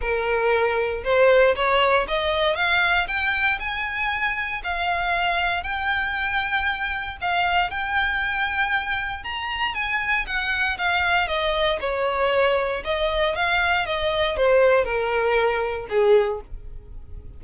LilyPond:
\new Staff \with { instrumentName = "violin" } { \time 4/4 \tempo 4 = 117 ais'2 c''4 cis''4 | dis''4 f''4 g''4 gis''4~ | gis''4 f''2 g''4~ | g''2 f''4 g''4~ |
g''2 ais''4 gis''4 | fis''4 f''4 dis''4 cis''4~ | cis''4 dis''4 f''4 dis''4 | c''4 ais'2 gis'4 | }